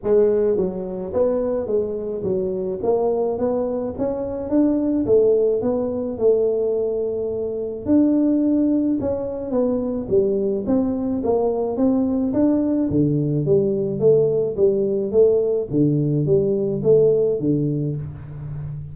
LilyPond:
\new Staff \with { instrumentName = "tuba" } { \time 4/4 \tempo 4 = 107 gis4 fis4 b4 gis4 | fis4 ais4 b4 cis'4 | d'4 a4 b4 a4~ | a2 d'2 |
cis'4 b4 g4 c'4 | ais4 c'4 d'4 d4 | g4 a4 g4 a4 | d4 g4 a4 d4 | }